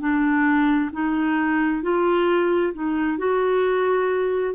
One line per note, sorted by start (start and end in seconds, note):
0.00 0.91 D4
0.93 1.83 D#4
1.83 2.74 F4
2.74 3.18 D#4
3.18 4.55 F#4